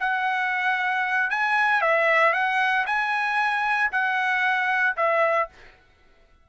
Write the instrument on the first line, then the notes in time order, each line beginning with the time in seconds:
trumpet
0.00 F#5
1.30 G#5
1.81 E5
2.33 F#5
2.86 G#5
3.92 F#5
4.97 E5